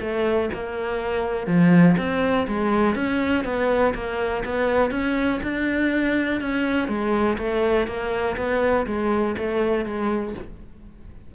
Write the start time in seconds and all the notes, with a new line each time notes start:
0.00 A3
0.53 A#3
1.47 F3
1.97 C4
2.47 G#3
2.95 C#4
3.44 B3
3.94 A#3
4.44 B3
4.90 C#4
5.43 D4
6.40 C#4
6.88 G#3
7.38 A3
7.87 A#3
8.37 B3
8.86 G#3
9.38 A3
9.85 G#3